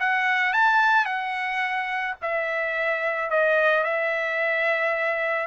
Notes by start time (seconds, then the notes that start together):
0.00 F#5
0.53 A5
1.05 F#5
2.22 E5
3.30 D#5
3.84 E5